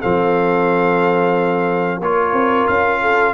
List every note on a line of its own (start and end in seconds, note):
0.00 2.00 F3
0.00 2.01 C4
0.00 2.00 A4
0.00 2.01 F5
2.00 2.32 A#3
2.00 3.34 F4
2.00 3.01 A#4
2.00 2.67 C#5
2.32 2.66 C4
2.67 3.34 C#4
2.67 3.34 F5
3.01 3.34 A4